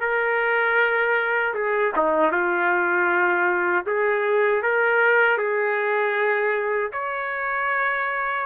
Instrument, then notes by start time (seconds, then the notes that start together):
trumpet
0.00 A#4
1.54 G#4
1.96 D#4
2.31 F4
3.86 G#4
4.62 A#4
5.37 G#4
6.92 C#5